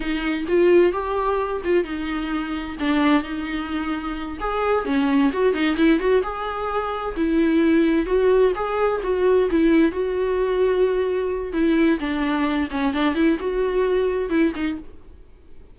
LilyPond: \new Staff \with { instrumentName = "viola" } { \time 4/4 \tempo 4 = 130 dis'4 f'4 g'4. f'8 | dis'2 d'4 dis'4~ | dis'4. gis'4 cis'4 fis'8 | dis'8 e'8 fis'8 gis'2 e'8~ |
e'4. fis'4 gis'4 fis'8~ | fis'8 e'4 fis'2~ fis'8~ | fis'4 e'4 d'4. cis'8 | d'8 e'8 fis'2 e'8 dis'8 | }